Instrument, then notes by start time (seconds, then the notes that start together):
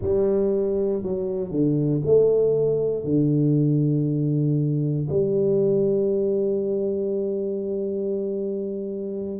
tuba
0.01 G3
1.03 F#3
1.50 D3
2.05 A3
3.04 D3
5.08 G3